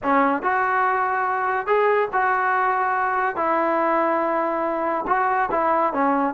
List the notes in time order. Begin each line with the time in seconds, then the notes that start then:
0.03 C#4
0.42 F#4
1.66 G#4
2.13 F#4
3.36 E4
5.07 F#4
5.51 E4
5.93 C#4